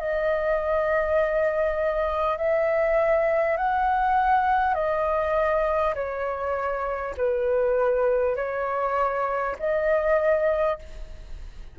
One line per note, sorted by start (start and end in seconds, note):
0.00 2.38 D#5
2.38 3.58 E5
3.58 4.75 F#5
4.75 5.95 D#5
5.95 7.15 C#5
7.17 8.36 B4
8.36 9.56 C#5
9.59 10.79 D#5